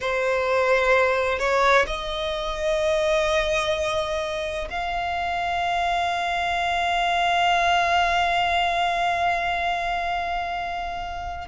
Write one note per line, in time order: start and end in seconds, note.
0.00 1.38 C5
1.38 1.85 C#5
1.87 4.68 D#5
4.70 11.48 F5